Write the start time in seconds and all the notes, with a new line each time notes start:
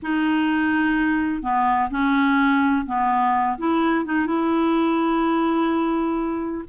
0.02 D#4
1.42 B3
1.90 C#4
2.86 B3
3.58 E4
4.05 D#4
4.26 E4